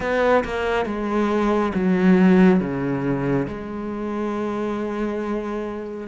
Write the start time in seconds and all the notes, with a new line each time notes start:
0.00 B3
0.44 A#3
0.85 G#3
1.74 F#3
2.60 C#3
3.47 G#3